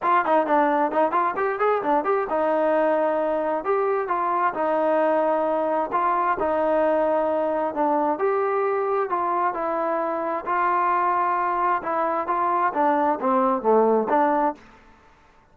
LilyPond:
\new Staff \with { instrumentName = "trombone" } { \time 4/4 \tempo 4 = 132 f'8 dis'8 d'4 dis'8 f'8 g'8 gis'8 | d'8 g'8 dis'2. | g'4 f'4 dis'2~ | dis'4 f'4 dis'2~ |
dis'4 d'4 g'2 | f'4 e'2 f'4~ | f'2 e'4 f'4 | d'4 c'4 a4 d'4 | }